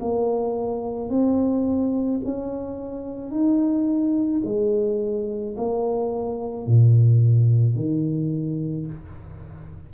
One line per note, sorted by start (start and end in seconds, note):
0.00 1.09 A#3
1.09 2.20 C4
2.25 3.31 C#4
3.31 4.42 D#4
4.44 5.56 G#3
5.57 6.67 A#3
6.67 7.75 A#2
7.75 8.86 D#3